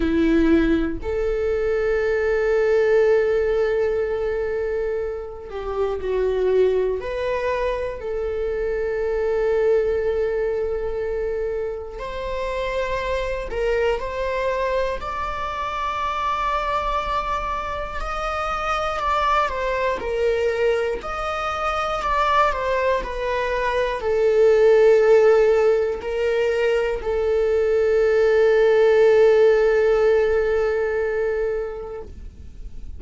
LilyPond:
\new Staff \with { instrumentName = "viola" } { \time 4/4 \tempo 4 = 60 e'4 a'2.~ | a'4. g'8 fis'4 b'4 | a'1 | c''4. ais'8 c''4 d''4~ |
d''2 dis''4 d''8 c''8 | ais'4 dis''4 d''8 c''8 b'4 | a'2 ais'4 a'4~ | a'1 | }